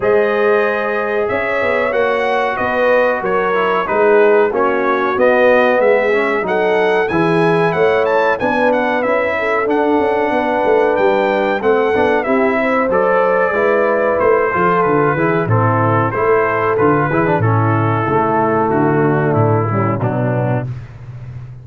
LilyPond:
<<
  \new Staff \with { instrumentName = "trumpet" } { \time 4/4 \tempo 4 = 93 dis''2 e''4 fis''4 | dis''4 cis''4 b'4 cis''4 | dis''4 e''4 fis''4 gis''4 | fis''8 a''8 gis''8 fis''8 e''4 fis''4~ |
fis''4 g''4 fis''4 e''4 | d''2 c''4 b'4 | a'4 c''4 b'4 a'4~ | a'4 fis'4 e'4 d'4 | }
  \new Staff \with { instrumentName = "horn" } { \time 4/4 c''2 cis''2 | b'4 ais'4 gis'4 fis'4~ | fis'4 gis'4 a'4 gis'4 | cis''4 b'4. a'4. |
b'2 a'4 g'8 c''8~ | c''4 b'4. a'4 gis'8 | e'4 a'4. gis'8 e'4~ | e'4. d'4 cis'8 b4 | }
  \new Staff \with { instrumentName = "trombone" } { \time 4/4 gis'2. fis'4~ | fis'4. e'8 dis'4 cis'4 | b4. cis'8 dis'4 e'4~ | e'4 d'4 e'4 d'4~ |
d'2 c'8 d'8 e'4 | a'4 e'4. f'4 e'8 | c'4 e'4 f'8 e'16 d'16 cis'4 | a2~ a8 g8 fis4 | }
  \new Staff \with { instrumentName = "tuba" } { \time 4/4 gis2 cis'8 b8 ais4 | b4 fis4 gis4 ais4 | b4 gis4 fis4 e4 | a4 b4 cis'4 d'8 cis'8 |
b8 a8 g4 a8 b8 c'4 | fis4 gis4 a8 f8 d8 e8 | a,4 a4 d8 e8 a,4 | cis4 d4 a,4 b,4 | }
>>